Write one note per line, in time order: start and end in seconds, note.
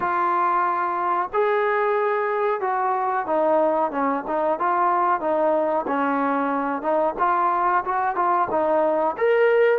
0.00 1.29 F4
1.33 2.61 G#4
2.61 3.26 F#4
3.26 3.91 D#4
3.91 4.24 C#4
4.27 4.59 D#4
4.59 5.20 F4
5.20 5.85 D#4
5.87 6.82 C#4
6.82 7.14 D#4
7.18 7.83 F4
7.84 8.15 F#4
8.15 8.48 F4
8.50 9.15 D#4
9.17 9.78 A#4